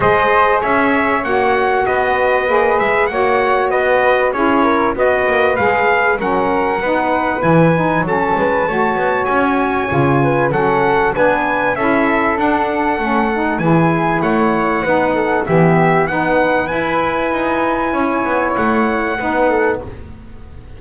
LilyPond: <<
  \new Staff \with { instrumentName = "trumpet" } { \time 4/4 \tempo 4 = 97 dis''4 e''4 fis''4 dis''4~ | dis''8 e''8 fis''4 dis''4 cis''4 | dis''4 f''4 fis''2 | gis''4 a''2 gis''4~ |
gis''4 fis''4 gis''4 e''4 | fis''2 gis''4 fis''4~ | fis''4 e''4 fis''4 gis''4~ | gis''2 fis''2 | }
  \new Staff \with { instrumentName = "flute" } { \time 4/4 c''4 cis''2 b'4~ | b'4 cis''4 b'4 gis'8 ais'8 | b'2 ais'4 b'4~ | b'4 a'8 b'8 cis''2~ |
cis''8 b'8 a'4 b'4 a'4~ | a'2 gis'4 cis''4 | b'8 a'8 g'4 b'2~ | b'4 cis''2 b'8 a'8 | }
  \new Staff \with { instrumentName = "saxophone" } { \time 4/4 gis'2 fis'2 | gis'4 fis'2 e'4 | fis'4 gis'4 cis'4 dis'4 | e'8 dis'8 cis'4 fis'2 |
f'4 cis'4 d'4 e'4 | d'4 cis'8 dis'8 e'2 | dis'4 b4 dis'4 e'4~ | e'2. dis'4 | }
  \new Staff \with { instrumentName = "double bass" } { \time 4/4 gis4 cis'4 ais4 b4 | ais8 gis8 ais4 b4 cis'4 | b8 ais8 gis4 fis4 b4 | e4 fis8 gis8 a8 b8 cis'4 |
cis4 fis4 b4 cis'4 | d'4 a4 e4 a4 | b4 e4 b4 e'4 | dis'4 cis'8 b8 a4 b4 | }
>>